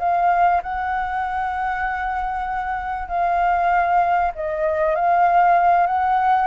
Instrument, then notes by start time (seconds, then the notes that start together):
flute
0.00 F5
0.63 F#5
3.08 F5
4.35 D#5
4.96 F5
5.87 F#5